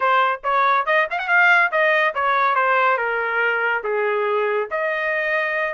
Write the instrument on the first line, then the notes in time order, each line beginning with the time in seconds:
trumpet
0.00 C5
0.43 C#5
0.86 D#5
1.10 F5
1.18 F#5
1.28 F5
1.71 D#5
2.14 C#5
2.55 C5
2.97 A#4
3.83 G#4
4.70 D#5